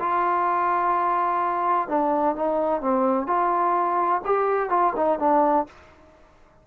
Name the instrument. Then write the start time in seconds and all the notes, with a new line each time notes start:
trombone
0.00 F4
1.89 D4
2.36 D#4
2.82 C4
3.27 F4
4.26 G4
4.70 F4
4.97 D#4
5.20 D4